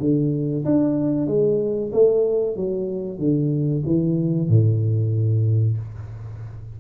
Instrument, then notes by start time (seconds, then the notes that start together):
tuba
0.00 D3
0.65 D4
1.27 G#3
1.92 A3
2.56 F#3
3.18 D3
3.86 E3
4.48 A2